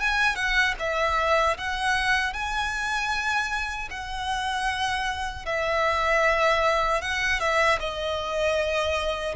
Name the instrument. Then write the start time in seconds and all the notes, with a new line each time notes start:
violin
0.00 G#5
0.35 F#5
0.79 E5
1.58 F#5
2.33 G#5
3.91 F#5
5.46 E5
7.02 F#5
7.40 E5
7.80 D#5